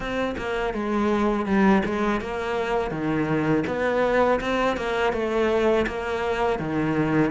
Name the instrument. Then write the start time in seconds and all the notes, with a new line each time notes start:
cello
0.00 C4
0.37 A#3
0.73 G#3
1.46 G3
1.85 G#3
2.21 A#3
2.90 D#3
3.66 B3
4.40 C4
4.76 A#3
5.13 A3
5.86 A#3
6.59 D#3